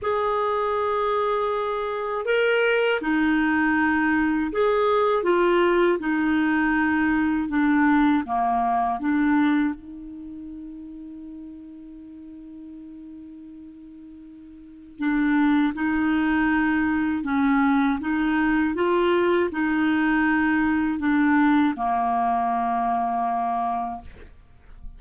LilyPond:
\new Staff \with { instrumentName = "clarinet" } { \time 4/4 \tempo 4 = 80 gis'2. ais'4 | dis'2 gis'4 f'4 | dis'2 d'4 ais4 | d'4 dis'2.~ |
dis'1 | d'4 dis'2 cis'4 | dis'4 f'4 dis'2 | d'4 ais2. | }